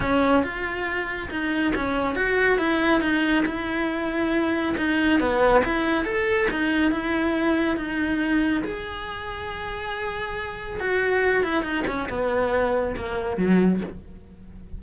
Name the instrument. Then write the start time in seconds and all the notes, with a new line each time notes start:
cello
0.00 C#4
0.43 F4
1.30 D#4
1.75 C#4
2.15 F#4
2.58 E4
3.01 D#4
3.45 E4
4.77 D#4
5.20 B3
5.64 E4
6.05 A4
6.50 D#4
6.91 E4
7.76 D#4
8.64 G#4
10.80 F#4
11.43 E4
11.63 D#4
11.87 C#4
12.09 B3
12.96 A#3
13.37 F#3